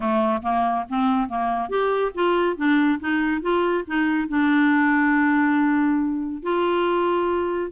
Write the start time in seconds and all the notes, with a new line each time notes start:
0.00 A3
0.42 A#3
0.89 C4
1.28 A#3
1.69 G4
2.14 F4
2.56 D4
3.00 D#4
3.41 F4
3.87 D#4
4.28 D4
6.42 F4